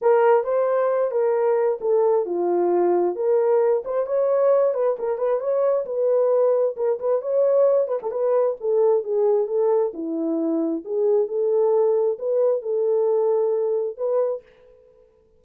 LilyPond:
\new Staff \with { instrumentName = "horn" } { \time 4/4 \tempo 4 = 133 ais'4 c''4. ais'4. | a'4 f'2 ais'4~ | ais'8 c''8 cis''4. b'8 ais'8 b'8 | cis''4 b'2 ais'8 b'8 |
cis''4. b'16 a'16 b'4 a'4 | gis'4 a'4 e'2 | gis'4 a'2 b'4 | a'2. b'4 | }